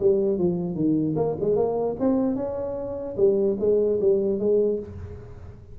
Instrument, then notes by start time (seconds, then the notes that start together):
tuba
0.00 G3
0.38 F3
0.75 D#3
1.17 A#3
1.41 G#3
1.57 A#3
2.00 C4
2.36 C#4
3.17 G3
3.60 G#3
4.01 G3
4.39 G#3